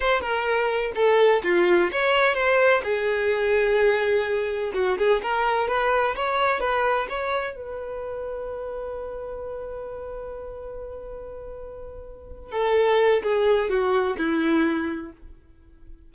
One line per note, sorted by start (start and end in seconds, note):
0.00 0.21 C5
0.21 0.92 A#4
0.95 1.42 A4
1.43 1.90 F4
1.91 2.34 C#5
2.34 2.81 C5
2.83 4.72 G#4
4.74 4.97 F#4
4.97 5.21 G#4
5.22 5.68 A#4
5.68 6.15 B4
6.15 6.59 C#5
6.59 7.07 B4
7.09 7.55 C#5
7.55 12.51 B4
12.51 13.22 A4
13.22 13.69 G#4
13.69 14.16 F#4
14.17 15.12 E4